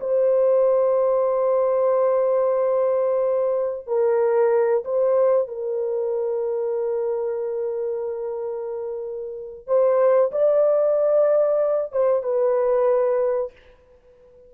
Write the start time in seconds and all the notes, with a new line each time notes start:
0.00 C5
3.87 A#4
4.85 C5
5.48 A#4
9.67 C5
10.32 D5
11.92 C5
12.23 B4